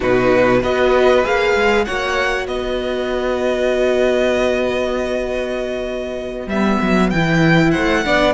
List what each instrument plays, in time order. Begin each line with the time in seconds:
0.00 cello B2, viola D#4, violin F#4 B4
0.60 cello B3, viola F#4, violin B4 D#5
1.23 cello A#3, viola G#4, violin F5
1.55 cello G#3
1.84 cello A#3, viola F#4, violin C#5 F#5
2.47 cello B3, violin B4 D#5
6.46 cello G3, viola B3, violin E5
6.81 cello F#3
7.10 cello E3, viola E4, violin G5
7.70 cello A3, violin C5 F#5
8.05 cello B3, viola D4, violin D5